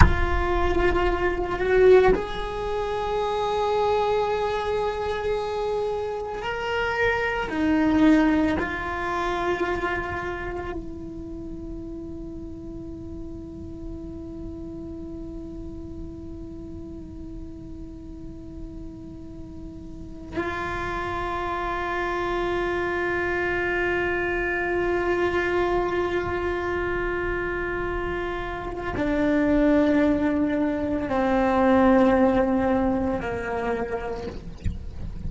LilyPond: \new Staff \with { instrumentName = "cello" } { \time 4/4 \tempo 4 = 56 f'4. fis'8 gis'2~ | gis'2 ais'4 dis'4 | f'2 e'2~ | e'1~ |
e'2. f'4~ | f'1~ | f'2. d'4~ | d'4 c'2 ais4 | }